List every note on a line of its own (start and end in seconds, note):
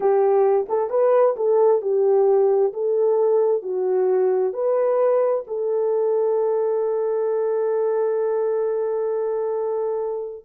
0.00 0.66 G4
0.68 0.90 A4
0.90 1.35 B4
1.36 1.81 A4
1.81 2.72 G4
2.73 3.62 A4
3.62 4.53 F#4
4.53 5.44 B4
5.47 10.45 A4